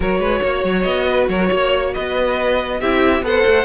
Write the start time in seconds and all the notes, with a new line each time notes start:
0.00 F#3 F#4 A#4 C#5
0.19 G#3 B4
0.42 A#3 C#5
0.64 F#3
0.82 B3 D#5
1.08 B4
1.28 F#3 A#4 C#5
1.47 A#3 C#5
1.94 B3 B4 D#5
2.79 C4 E4 G4 E5
3.22 B3 A4 C5 F#5
3.46 A3